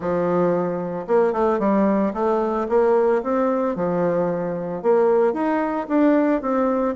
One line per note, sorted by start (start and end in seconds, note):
0.00 1.06 F3
1.07 1.32 A#3
1.32 1.59 A3
1.59 2.12 G3
2.13 2.67 A3
2.68 3.22 A#3
3.22 3.75 C4
3.75 4.82 F3
4.82 5.33 A#3
5.33 5.87 D#4
5.88 6.41 D4
6.41 6.95 C4